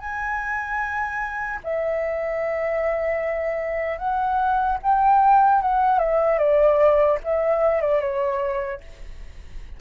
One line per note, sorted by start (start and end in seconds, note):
0.00 1.60 G#5
1.64 3.98 E5
3.98 4.78 F#5
4.83 5.62 G5
5.62 5.99 F#5
5.99 6.39 E5
6.39 7.19 D5
7.24 7.81 E5
7.81 8.01 D5
8.01 8.81 C#5